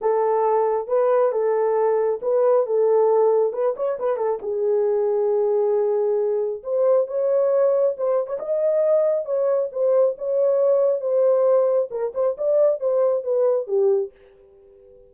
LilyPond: \new Staff \with { instrumentName = "horn" } { \time 4/4 \tempo 4 = 136 a'2 b'4 a'4~ | a'4 b'4 a'2 | b'8 cis''8 b'8 a'8 gis'2~ | gis'2. c''4 |
cis''2 c''8. cis''16 dis''4~ | dis''4 cis''4 c''4 cis''4~ | cis''4 c''2 ais'8 c''8 | d''4 c''4 b'4 g'4 | }